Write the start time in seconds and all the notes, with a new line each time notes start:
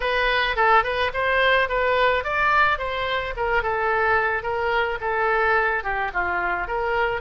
0.00 B4
0.56 A4
0.83 B4
1.13 C5
1.68 B4
2.23 D5
2.78 C5
3.36 A#4
3.62 A4
4.42 A#4
5.00 A4
5.83 G4
6.13 F4
6.67 A#4